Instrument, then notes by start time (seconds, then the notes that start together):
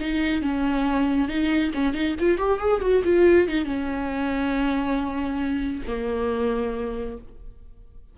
viola
0.00 D#4
0.42 C#4
1.28 D#4
1.74 C#4
1.94 D#4
2.19 F4
2.38 G4
2.59 G#4
2.81 F#4
3.04 F4
3.48 D#4
3.65 C#4
5.87 A#3